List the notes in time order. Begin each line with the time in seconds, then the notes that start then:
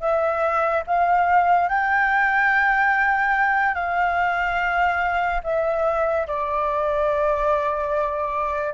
0.00 E5
0.86 F5
1.69 G5
3.74 F5
5.43 E5
6.27 D5